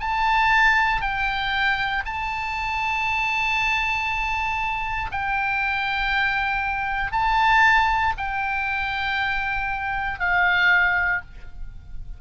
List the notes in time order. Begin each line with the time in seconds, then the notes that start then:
0.00 A5
1.01 G5
2.05 A5
5.12 G5
7.12 A5
8.17 G5
10.19 F5